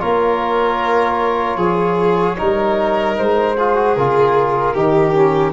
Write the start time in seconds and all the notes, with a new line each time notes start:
0.00 A#3 F4 A#4 C#5
1.57 F3 G#4
2.38 G3 D#4 A#4
3.18 G#3 C5
3.58 F4 G#4
3.76 F#4
3.95 C#3 F4 A#4
4.75 D#3 D#4 G4
5.14 C#4